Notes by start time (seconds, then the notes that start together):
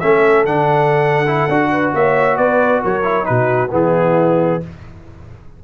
0.00 A3 C#4 A4 E5
0.45 D3 D4 F#5
1.27 E4
1.48 D4 F#4
1.72 B4
1.94 A#3 C#5 E5
2.37 B3 B4 D5
2.82 F#3 A#4 C#5
3.03 E4
3.24 B2 D#4 F#4 B4
3.71 E3 B3 E4 G#4